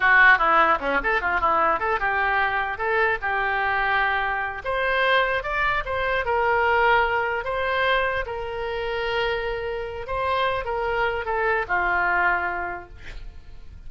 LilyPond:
\new Staff \with { instrumentName = "oboe" } { \time 4/4 \tempo 4 = 149 fis'4 e'4 cis'8 a'8 f'8 e'8~ | e'8 a'8 g'2 a'4 | g'2.~ g'8 c''8~ | c''4. d''4 c''4 ais'8~ |
ais'2~ ais'8 c''4.~ | c''8 ais'2.~ ais'8~ | ais'4 c''4. ais'4. | a'4 f'2. | }